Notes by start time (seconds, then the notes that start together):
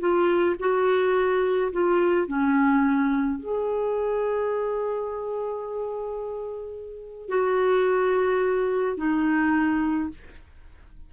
0.00 F4
0.60 F#4
1.73 F4
2.28 C#4
3.40 G#4
7.29 F#4
8.97 D#4